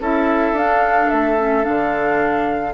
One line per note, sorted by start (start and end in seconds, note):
0.00 0.52 C#4
0.00 0.56 E4
0.00 2.74 A4
0.00 0.58 E5
0.52 1.07 D4
0.52 1.38 D4
0.52 1.10 F5
1.10 1.66 A3
1.10 1.64 E5
1.38 1.63 C#4
1.63 2.74 D3
1.63 2.72 D4
1.63 2.74 F5